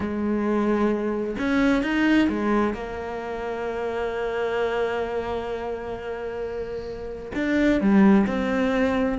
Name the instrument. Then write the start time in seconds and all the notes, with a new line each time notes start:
cello
0.00 G#3
1.38 C#4
1.82 D#4
2.29 G#3
2.74 A#3
7.34 D4
7.80 G3
8.27 C4